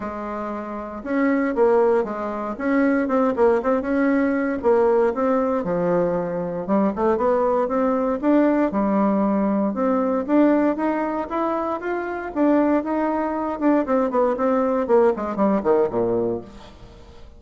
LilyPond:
\new Staff \with { instrumentName = "bassoon" } { \time 4/4 \tempo 4 = 117 gis2 cis'4 ais4 | gis4 cis'4 c'8 ais8 c'8 cis'8~ | cis'4 ais4 c'4 f4~ | f4 g8 a8 b4 c'4 |
d'4 g2 c'4 | d'4 dis'4 e'4 f'4 | d'4 dis'4. d'8 c'8 b8 | c'4 ais8 gis8 g8 dis8 ais,4 | }